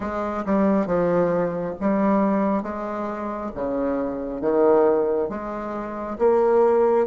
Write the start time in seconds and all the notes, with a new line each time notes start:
0.00 G#3
0.45 G3
0.86 F3
1.80 G3
2.62 G#3
3.55 C#3
4.41 D#3
5.29 G#3
6.18 A#3